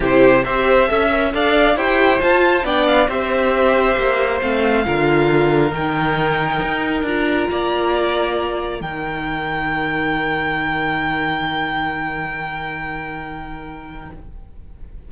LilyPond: <<
  \new Staff \with { instrumentName = "violin" } { \time 4/4 \tempo 4 = 136 c''4 e''2 f''4 | g''4 a''4 g''8 f''8 e''4~ | e''2 f''2~ | f''4 g''2. |
ais''1 | g''1~ | g''1~ | g''1 | }
  \new Staff \with { instrumentName = "violin" } { \time 4/4 g'4 c''4 e''4 d''4 | c''2 d''4 c''4~ | c''2. ais'4~ | ais'1~ |
ais'4 d''2. | ais'1~ | ais'1~ | ais'1 | }
  \new Staff \with { instrumentName = "viola" } { \time 4/4 e'4 g'4 a'8 ais'8 a'4 | g'4 f'4 d'4 g'4~ | g'2 c'4 f'4~ | f'4 dis'2. |
f'1 | dis'1~ | dis'1~ | dis'1 | }
  \new Staff \with { instrumentName = "cello" } { \time 4/4 c4 c'4 cis'4 d'4 | e'4 f'4 b4 c'4~ | c'4 ais4 a4 d4~ | d4 dis2 dis'4 |
d'4 ais2. | dis1~ | dis1~ | dis1 | }
>>